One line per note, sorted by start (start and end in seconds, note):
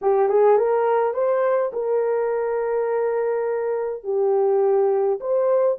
0.01 0.28 G4
0.28 0.57 G#4
0.57 1.13 A#4
1.13 1.71 C5
1.73 4.03 A#4
4.03 5.19 G4
5.20 5.77 C5